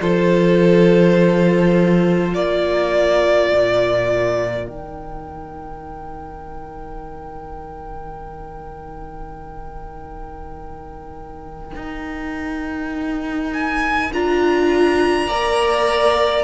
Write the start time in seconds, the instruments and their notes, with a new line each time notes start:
0.00 cello F3, viola F4, violin A4 C5
2.34 cello A#3, violin A#4 D5
3.52 cello A#2
4.67 cello D#3, viola D#4, violin G5
11.75 cello D#4
13.53 violin G#5
14.12 cello D4, viola F4, violin A#5
15.27 cello A#3, viola A#4, violin D5